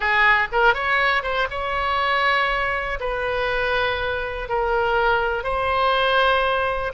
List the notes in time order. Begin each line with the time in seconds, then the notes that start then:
0.00 G#4
0.51 A#4
0.73 C#5
1.22 C5
1.50 C#5
3.00 B4
4.49 A#4
5.43 C5